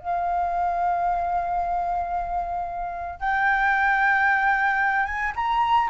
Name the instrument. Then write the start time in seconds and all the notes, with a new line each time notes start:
flute
0.00 F5
3.20 G5
5.06 G#5
5.36 A#5